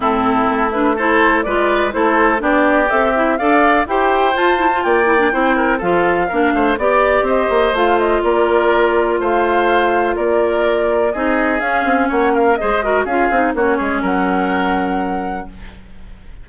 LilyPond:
<<
  \new Staff \with { instrumentName = "flute" } { \time 4/4 \tempo 4 = 124 a'4. b'8 c''4 d''4 | c''4 d''4 e''4 f''4 | g''4 a''4 g''2 | f''2 d''4 dis''4 |
f''8 dis''8 d''2 f''4~ | f''4 d''2 dis''4 | f''4 fis''8 f''8 dis''4 f''4 | cis''4 fis''2. | }
  \new Staff \with { instrumentName = "oboe" } { \time 4/4 e'2 a'4 b'4 | a'4 g'2 d''4 | c''2 d''4 c''8 ais'8 | a'4 ais'8 c''8 d''4 c''4~ |
c''4 ais'2 c''4~ | c''4 ais'2 gis'4~ | gis'4 cis''8 ais'8 c''8 ais'8 gis'4 | fis'8 gis'8 ais'2. | }
  \new Staff \with { instrumentName = "clarinet" } { \time 4/4 c'4. d'8 e'4 f'4 | e'4 d'4 a'8 e'8 a'4 | g'4 f'8 e'16 f'8. e'16 d'16 e'4 | f'4 d'4 g'2 |
f'1~ | f'2. dis'4 | cis'2 gis'8 fis'8 f'8 dis'8 | cis'1 | }
  \new Staff \with { instrumentName = "bassoon" } { \time 4/4 a,4 a2 gis4 | a4 b4 c'4 d'4 | e'4 f'4 ais4 c'4 | f4 ais8 a8 b4 c'8 ais8 |
a4 ais2 a4~ | a4 ais2 c'4 | cis'8 c'8 ais4 gis4 cis'8 c'8 | ais8 gis8 fis2. | }
>>